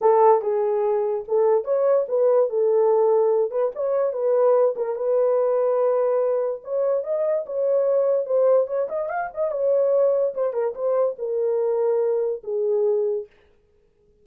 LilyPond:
\new Staff \with { instrumentName = "horn" } { \time 4/4 \tempo 4 = 145 a'4 gis'2 a'4 | cis''4 b'4 a'2~ | a'8 b'8 cis''4 b'4. ais'8 | b'1 |
cis''4 dis''4 cis''2 | c''4 cis''8 dis''8 f''8 dis''8 cis''4~ | cis''4 c''8 ais'8 c''4 ais'4~ | ais'2 gis'2 | }